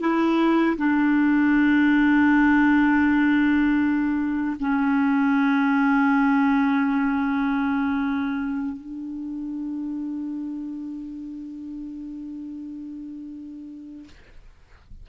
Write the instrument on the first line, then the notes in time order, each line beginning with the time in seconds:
clarinet
0.00 E4
0.77 D4
4.59 C#4
8.77 D4